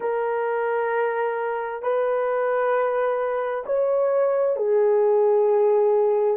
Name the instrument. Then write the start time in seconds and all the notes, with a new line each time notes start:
horn
0.00 A#4
1.82 B4
3.66 C#5
4.56 G#4